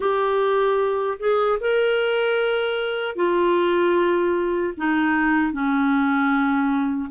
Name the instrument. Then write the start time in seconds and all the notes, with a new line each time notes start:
clarinet
0.00 G4
1.19 G#4
1.60 A#4
3.15 F4
4.77 D#4
5.52 C#4